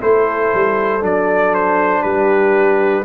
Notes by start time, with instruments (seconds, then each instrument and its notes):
0.00 tuba A3, trombone E4, horn A4, trumpet C5
0.54 tuba G3
1.01 tuba F#3, trombone D4, trumpet D5
1.54 trumpet C5
2.02 tuba G3, horn G4, trumpet B4